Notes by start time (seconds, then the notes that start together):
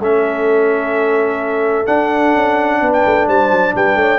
0.00 A3 C#4 A4 E5
1.86 D4 F#5
2.35 C#4
2.82 B3 B4
2.93 G5
3.06 A3
3.27 G3 C5 A5
3.51 F#3
3.75 G3 B4 G5
3.96 A3 C#5